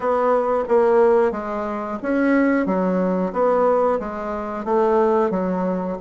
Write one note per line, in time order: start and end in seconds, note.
0.00 0.64 B3
0.68 1.32 A#3
1.32 1.98 G#3
2.02 2.65 C#4
2.65 3.32 F#3
3.32 3.99 B3
3.99 4.65 G#3
4.65 5.30 A3
5.30 5.97 F#3